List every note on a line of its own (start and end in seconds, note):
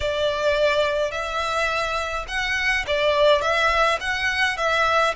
0.00 1.11 D5
1.11 2.25 E5
2.28 2.85 F#5
2.86 3.41 D5
3.41 3.98 E5
4.00 4.57 F#5
4.57 5.14 E5